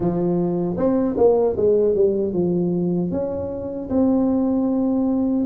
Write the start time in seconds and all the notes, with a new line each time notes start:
0.00 F3
0.77 C4
1.17 A#3
1.56 G#3
1.94 G3
2.33 F3
3.11 C#4
3.89 C4